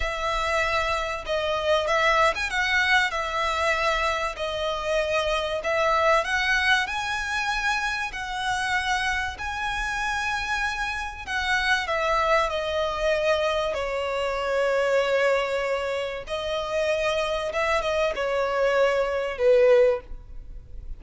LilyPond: \new Staff \with { instrumentName = "violin" } { \time 4/4 \tempo 4 = 96 e''2 dis''4 e''8. gis''16 | fis''4 e''2 dis''4~ | dis''4 e''4 fis''4 gis''4~ | gis''4 fis''2 gis''4~ |
gis''2 fis''4 e''4 | dis''2 cis''2~ | cis''2 dis''2 | e''8 dis''8 cis''2 b'4 | }